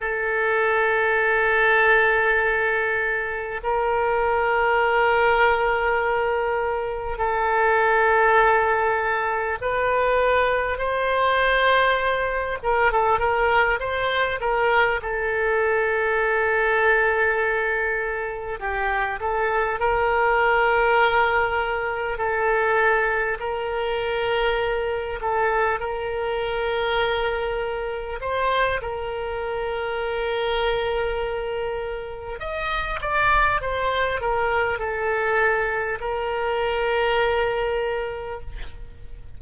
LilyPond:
\new Staff \with { instrumentName = "oboe" } { \time 4/4 \tempo 4 = 50 a'2. ais'4~ | ais'2 a'2 | b'4 c''4. ais'16 a'16 ais'8 c''8 | ais'8 a'2. g'8 |
a'8 ais'2 a'4 ais'8~ | ais'4 a'8 ais'2 c''8 | ais'2. dis''8 d''8 | c''8 ais'8 a'4 ais'2 | }